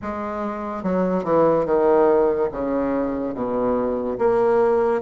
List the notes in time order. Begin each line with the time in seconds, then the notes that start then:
0.02 G#3
0.83 F#3
1.24 E3
1.65 D#3
2.51 C#3
3.34 B2
4.18 A#3